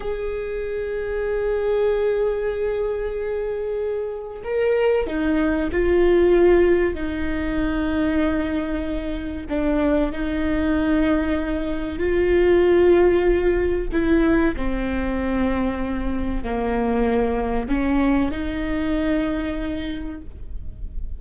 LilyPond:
\new Staff \with { instrumentName = "viola" } { \time 4/4 \tempo 4 = 95 gis'1~ | gis'2. ais'4 | dis'4 f'2 dis'4~ | dis'2. d'4 |
dis'2. f'4~ | f'2 e'4 c'4~ | c'2 ais2 | cis'4 dis'2. | }